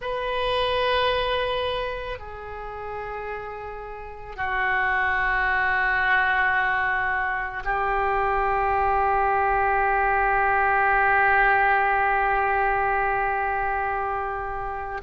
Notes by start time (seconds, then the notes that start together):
0.01 B4
2.18 G#4
4.36 F#4
7.64 G4